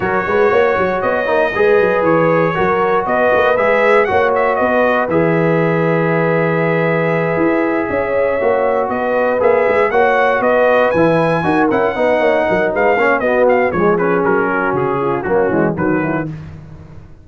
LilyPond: <<
  \new Staff \with { instrumentName = "trumpet" } { \time 4/4 \tempo 4 = 118 cis''2 dis''2 | cis''2 dis''4 e''4 | fis''8 e''8 dis''4 e''2~ | e''1~ |
e''4. dis''4 e''4 fis''8~ | fis''8 dis''4 gis''4. fis''4~ | fis''4 f''4 dis''8 f''8 cis''8 b'8 | ais'4 gis'4 fis'4 b'4 | }
  \new Staff \with { instrumentName = "horn" } { \time 4/4 ais'8 b'8 cis''2 b'4~ | b'4 ais'4 b'2 | cis''4 b'2.~ | b'2.~ b'8 cis''8~ |
cis''4. b'2 cis''8~ | cis''8 b'2 ais'4 b'8 | cis''8 ais'8 b'8 cis''8 fis'4 gis'4~ | gis'8 fis'4 f'8 cis'4 fis'8 e'8 | }
  \new Staff \with { instrumentName = "trombone" } { \time 4/4 fis'2~ fis'8 dis'8 gis'4~ | gis'4 fis'2 gis'4 | fis'2 gis'2~ | gis'1~ |
gis'8 fis'2 gis'4 fis'8~ | fis'4. e'4 fis'8 e'8 dis'8~ | dis'4. cis'8 b4 gis8 cis'8~ | cis'2 ais8 gis8 fis4 | }
  \new Staff \with { instrumentName = "tuba" } { \time 4/4 fis8 gis8 ais8 fis8 b8 ais8 gis8 fis8 | e4 fis4 b8 ais8 gis4 | ais4 b4 e2~ | e2~ e8 e'4 cis'8~ |
cis'8 ais4 b4 ais8 gis8 ais8~ | ais8 b4 e4 dis'8 cis'8 b8 | ais8 fis8 gis8 ais8 b4 f4 | fis4 cis4 fis8 e8 dis4 | }
>>